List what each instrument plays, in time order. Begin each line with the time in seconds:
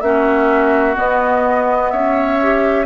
0.00 bassoon A#3, clarinet C#4, oboe F#4, flute E5
0.95 clarinet B3, bassoon B3, flute D#5
1.90 bassoon C#4, oboe C#5, flute E5
2.41 clarinet G4